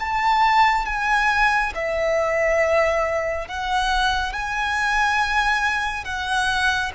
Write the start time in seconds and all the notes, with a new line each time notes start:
0.00 A5
0.86 G#5
1.75 E5
3.49 F#5
4.33 G#5
6.05 F#5